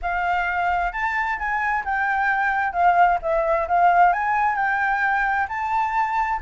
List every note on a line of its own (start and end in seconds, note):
0.01 0.92 F5
0.92 1.38 A5
1.38 1.84 G#5
1.84 2.72 G5
2.72 3.18 F5
3.21 3.67 E5
3.68 4.12 F5
4.12 4.55 G#5
4.55 5.47 G5
5.48 6.39 A5